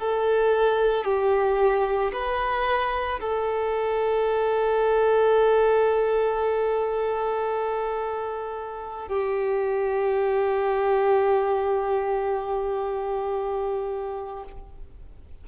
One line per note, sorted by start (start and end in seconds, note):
0.00 1.05 A4
1.05 2.12 G4
2.13 3.20 B4
3.20 9.09 A4
9.09 14.44 G4